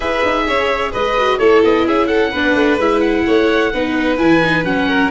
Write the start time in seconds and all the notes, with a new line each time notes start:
0.00 E4 G#4 B4 E5
0.25 D#4
0.46 C#4 C#5
0.91 G#3 B4 D#5
1.17 F#4
1.38 A3 E4 A4 C#5
1.63 B3 D#5
1.86 C#4 G#4 E5
2.07 A4 F#5
2.30 B3 D4 B4
2.54 A3
2.77 G#3 E4 E5
2.99 F#5
3.26 A3 C#5
3.72 B3 D#4 B4
4.18 E3 E4 G#5
4.43 D#4
4.64 F#3 C#4 F#5
4.87 A#4